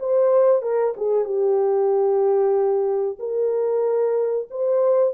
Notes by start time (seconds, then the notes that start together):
0.00 C5
0.62 A#4
0.97 G#4
1.25 G4
3.19 A#4
4.51 C5